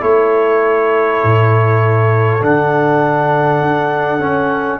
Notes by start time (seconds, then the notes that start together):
0.00 A3 E4 A4 C#5
1.24 A2
2.41 D3 D4 F#5
3.60 D4
4.20 C#4